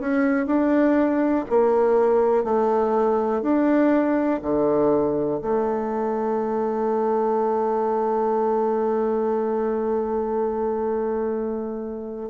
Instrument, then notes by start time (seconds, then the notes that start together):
bassoon
0.00 C#4
0.46 D4
1.50 A#3
2.44 A3
3.42 D4
4.42 D3
5.41 A3